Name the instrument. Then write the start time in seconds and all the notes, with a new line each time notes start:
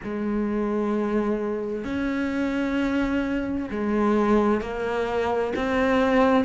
cello
0.03 G#3
1.84 C#4
3.70 G#3
4.61 A#3
5.56 C4